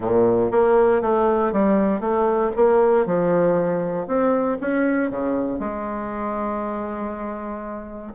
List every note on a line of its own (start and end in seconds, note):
0.00 0.51 A#2
0.51 1.01 A#3
1.01 1.52 A3
1.52 2.00 G3
2.00 2.51 A3
2.56 3.06 A#3
3.06 4.07 F3
4.07 4.58 C4
4.60 5.10 C#4
5.10 5.59 C#3
5.59 8.13 G#3